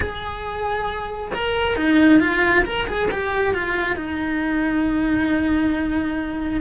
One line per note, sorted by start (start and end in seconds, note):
0.00 1.31 G#4
1.34 1.76 A#4
1.76 2.20 D#4
2.20 2.64 F4
2.65 2.87 A#4
2.87 3.09 G#4
3.11 3.54 G4
3.54 3.96 F4
3.96 6.60 D#4